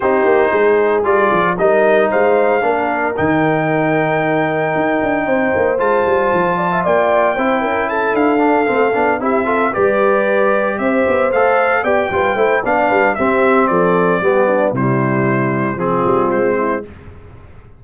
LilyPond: <<
  \new Staff \with { instrumentName = "trumpet" } { \time 4/4 \tempo 4 = 114 c''2 d''4 dis''4 | f''2 g''2~ | g''2. a''4~ | a''4 g''2 a''8 f''8~ |
f''4. e''4 d''4.~ | d''8 e''4 f''4 g''4. | f''4 e''4 d''2 | c''2 gis'4 c''4 | }
  \new Staff \with { instrumentName = "horn" } { \time 4/4 g'4 gis'2 ais'4 | c''4 ais'2.~ | ais'2 c''2~ | c''8 d''16 e''16 d''4 c''8 ais'8 a'4~ |
a'4. g'8 a'8 b'4.~ | b'8 c''2 d''8 b'8 c''8 | d''8 b'8 g'4 a'4 g'8 d'8 | e'2 f'4. e'8 | }
  \new Staff \with { instrumentName = "trombone" } { \time 4/4 dis'2 f'4 dis'4~ | dis'4 d'4 dis'2~ | dis'2. f'4~ | f'2 e'2 |
d'8 c'8 d'8 e'8 f'8 g'4.~ | g'4. a'4 g'8 f'8 e'8 | d'4 c'2 b4 | g2 c'2 | }
  \new Staff \with { instrumentName = "tuba" } { \time 4/4 c'8 ais8 gis4 g8 f8 g4 | gis4 ais4 dis2~ | dis4 dis'8 d'8 c'8 ais8 gis8 g8 | f4 ais4 c'8 cis'4 d'8~ |
d'8 a8 b8 c'4 g4.~ | g8 c'8 b8 a4 b8 g8 a8 | b8 g8 c'4 f4 g4 | c2 f8 g8 gis4 | }
>>